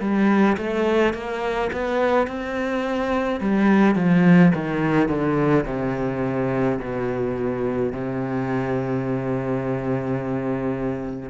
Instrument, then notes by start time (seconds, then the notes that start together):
cello
0.00 G3
0.57 A3
1.14 A#3
1.72 B3
2.27 C4
3.40 G3
3.95 F3
4.54 D#3
5.08 D3
5.66 C3
6.79 B2
7.92 C3